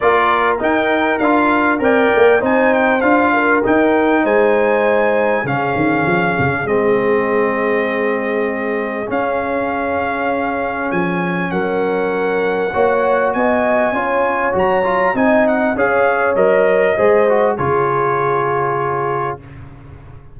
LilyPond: <<
  \new Staff \with { instrumentName = "trumpet" } { \time 4/4 \tempo 4 = 99 d''4 g''4 f''4 g''4 | gis''8 g''8 f''4 g''4 gis''4~ | gis''4 f''2 dis''4~ | dis''2. f''4~ |
f''2 gis''4 fis''4~ | fis''2 gis''2 | ais''4 gis''8 fis''8 f''4 dis''4~ | dis''4 cis''2. | }
  \new Staff \with { instrumentName = "horn" } { \time 4/4 ais'2. d''4 | c''4. ais'4. c''4~ | c''4 gis'2.~ | gis'1~ |
gis'2. ais'4~ | ais'4 cis''4 dis''4 cis''4~ | cis''4 dis''4 cis''2 | c''4 gis'2. | }
  \new Staff \with { instrumentName = "trombone" } { \time 4/4 f'4 dis'4 f'4 ais'4 | dis'4 f'4 dis'2~ | dis'4 cis'2 c'4~ | c'2. cis'4~ |
cis'1~ | cis'4 fis'2 f'4 | fis'8 f'8 dis'4 gis'4 ais'4 | gis'8 fis'8 f'2. | }
  \new Staff \with { instrumentName = "tuba" } { \time 4/4 ais4 dis'4 d'4 c'8 ais8 | c'4 d'4 dis'4 gis4~ | gis4 cis8 dis8 f8 cis8 gis4~ | gis2. cis'4~ |
cis'2 f4 fis4~ | fis4 ais4 b4 cis'4 | fis4 c'4 cis'4 fis4 | gis4 cis2. | }
>>